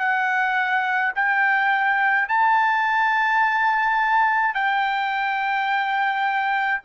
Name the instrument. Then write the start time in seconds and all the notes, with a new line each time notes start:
trumpet
0.00 F#5
1.16 G5
2.29 A5
4.55 G5